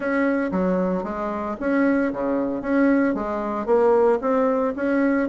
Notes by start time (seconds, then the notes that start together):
0.00 C#4
0.51 F#3
1.03 G#3
1.59 C#4
2.12 C#3
2.61 C#4
3.14 G#3
3.66 A#3
4.21 C4
4.76 C#4